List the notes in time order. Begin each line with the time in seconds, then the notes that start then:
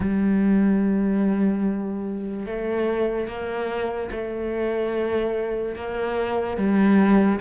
0.00 G3
2.45 A3
3.27 A#3
4.11 A3
5.75 A#3
6.57 G3